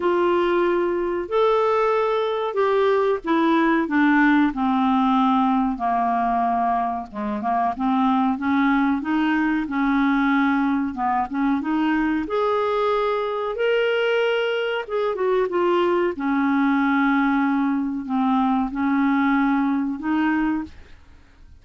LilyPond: \new Staff \with { instrumentName = "clarinet" } { \time 4/4 \tempo 4 = 93 f'2 a'2 | g'4 e'4 d'4 c'4~ | c'4 ais2 gis8 ais8 | c'4 cis'4 dis'4 cis'4~ |
cis'4 b8 cis'8 dis'4 gis'4~ | gis'4 ais'2 gis'8 fis'8 | f'4 cis'2. | c'4 cis'2 dis'4 | }